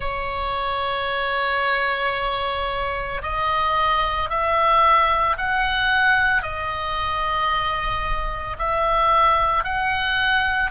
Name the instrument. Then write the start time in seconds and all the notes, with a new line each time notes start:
oboe
0.00 C#5
3.22 D#5
4.29 E5
5.37 F#5
6.42 D#5
8.58 E5
9.64 F#5